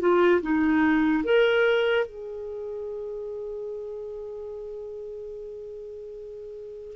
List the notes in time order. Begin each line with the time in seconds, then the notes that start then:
0.00 F4
0.42 D#4
1.24 A#4
2.06 G#4